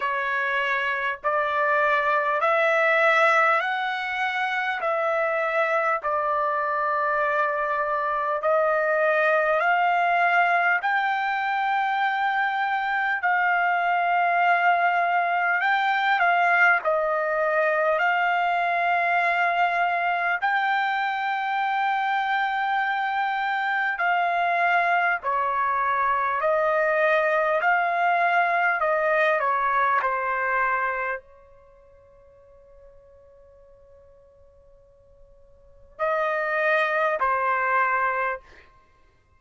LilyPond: \new Staff \with { instrumentName = "trumpet" } { \time 4/4 \tempo 4 = 50 cis''4 d''4 e''4 fis''4 | e''4 d''2 dis''4 | f''4 g''2 f''4~ | f''4 g''8 f''8 dis''4 f''4~ |
f''4 g''2. | f''4 cis''4 dis''4 f''4 | dis''8 cis''8 c''4 cis''2~ | cis''2 dis''4 c''4 | }